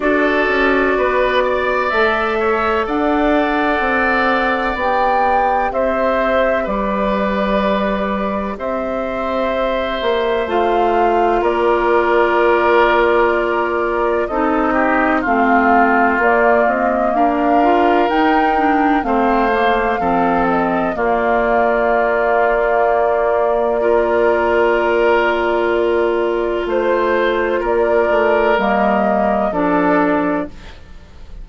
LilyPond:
<<
  \new Staff \with { instrumentName = "flute" } { \time 4/4 \tempo 4 = 63 d''2 e''4 fis''4~ | fis''4 g''4 e''4 d''4~ | d''4 e''2 f''4 | d''2. dis''4 |
f''4 d''8 dis''8 f''4 g''4 | f''4. dis''8 d''2~ | d''1 | c''4 d''4 dis''4 d''4 | }
  \new Staff \with { instrumentName = "oboe" } { \time 4/4 a'4 b'8 d''4 cis''8 d''4~ | d''2 c''4 b'4~ | b'4 c''2. | ais'2. a'8 g'8 |
f'2 ais'2 | c''4 a'4 f'2~ | f'4 ais'2. | c''4 ais'2 a'4 | }
  \new Staff \with { instrumentName = "clarinet" } { \time 4/4 fis'2 a'2~ | a'4 g'2.~ | g'2. f'4~ | f'2. dis'4 |
c'4 ais4. f'8 dis'8 d'8 | c'8 ais8 c'4 ais2~ | ais4 f'2.~ | f'2 ais4 d'4 | }
  \new Staff \with { instrumentName = "bassoon" } { \time 4/4 d'8 cis'8 b4 a4 d'4 | c'4 b4 c'4 g4~ | g4 c'4. ais8 a4 | ais2. c'4 |
a4 ais8 c'8 d'4 dis'4 | a4 f4 ais2~ | ais1 | a4 ais8 a8 g4 f4 | }
>>